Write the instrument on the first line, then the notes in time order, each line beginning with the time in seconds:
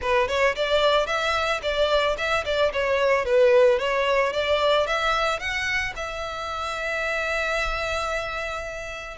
violin
0.01 B4
0.28 C#5
0.55 D5
1.06 E5
1.62 D5
2.17 E5
2.45 D5
2.72 C#5
3.25 B4
3.78 C#5
4.32 D5
4.86 E5
5.39 F#5
5.96 E5